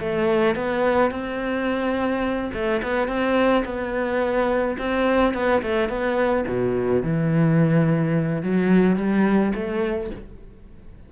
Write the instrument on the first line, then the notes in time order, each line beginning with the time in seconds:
cello
0.00 A3
0.56 B3
1.11 C4
2.53 A3
2.82 B3
3.08 C4
3.65 B3
4.78 C4
5.34 B3
5.62 A3
5.89 B3
6.48 B2
7.03 E3
8.43 F#3
8.96 G3
9.55 A3